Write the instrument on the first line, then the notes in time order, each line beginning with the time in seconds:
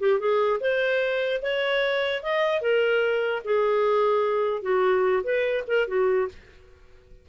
clarinet
0.00 G4
0.20 G#4
0.61 C5
1.42 C#5
2.23 D#5
2.62 A#4
3.45 G#4
4.62 F#4
5.24 B4
5.68 A#4
5.88 F#4